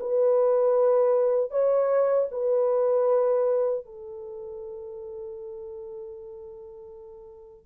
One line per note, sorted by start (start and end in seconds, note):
0.00 1.51 B4
1.51 2.28 C#5
2.31 3.85 B4
3.85 7.66 A4